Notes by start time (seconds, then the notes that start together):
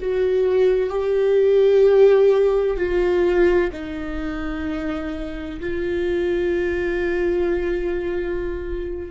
0.00 F#4
0.90 G4
2.77 F4
3.72 D#4
5.60 F4